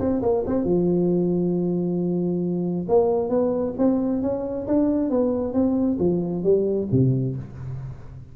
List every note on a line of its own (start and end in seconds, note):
0.00 0.22 C4
0.23 0.45 A#3
0.47 0.65 C4
0.65 2.87 F3
2.89 3.30 A#3
3.30 3.74 B3
3.78 4.23 C4
4.23 4.67 C#4
4.68 5.10 D4
5.10 5.54 B3
5.54 5.98 C4
6.00 6.44 F3
6.44 6.89 G3
6.92 7.36 C3